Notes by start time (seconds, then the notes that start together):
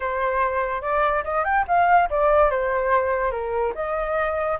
0.00 C5
0.81 D5
1.24 D#5
1.44 G5
1.67 F5
2.10 D5
2.50 C5
3.31 A#4
3.74 D#5